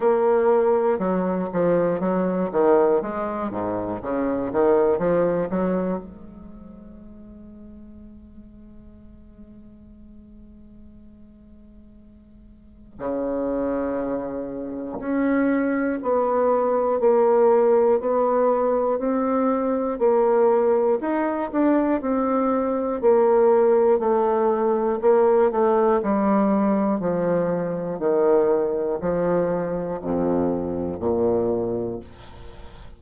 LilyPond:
\new Staff \with { instrumentName = "bassoon" } { \time 4/4 \tempo 4 = 60 ais4 fis8 f8 fis8 dis8 gis8 gis,8 | cis8 dis8 f8 fis8 gis2~ | gis1~ | gis4 cis2 cis'4 |
b4 ais4 b4 c'4 | ais4 dis'8 d'8 c'4 ais4 | a4 ais8 a8 g4 f4 | dis4 f4 f,4 ais,4 | }